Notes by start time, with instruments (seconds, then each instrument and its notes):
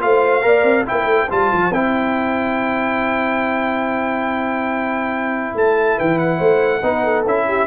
0.00 tuba A3, trombone F4, horn C5, trumpet F5
0.42 tuba A#3, trombone A#4, horn D5
0.63 tuba C4
0.86 tuba A#3, trombone E4, horn C5, trumpet G5
1.04 tuba A3
1.30 tuba G3, trombone F4, trumpet A5
1.53 tuba F3
1.71 tuba C4, trombone E4, trumpet G5
5.55 tuba A3, trumpet A5
5.97 tuba E3, horn B4, trumpet G5
6.18 trumpet F#5
6.38 tuba A3, horn C5
6.83 tuba B3, trombone D#4, horn B4
7.04 horn A4
7.25 tuba C#4, trombone E4, trumpet E5
7.47 horn G4